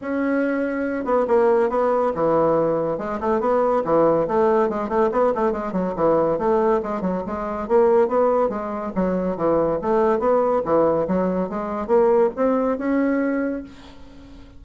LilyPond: \new Staff \with { instrumentName = "bassoon" } { \time 4/4 \tempo 4 = 141 cis'2~ cis'8 b8 ais4 | b4 e2 gis8 a8 | b4 e4 a4 gis8 a8 | b8 a8 gis8 fis8 e4 a4 |
gis8 fis8 gis4 ais4 b4 | gis4 fis4 e4 a4 | b4 e4 fis4 gis4 | ais4 c'4 cis'2 | }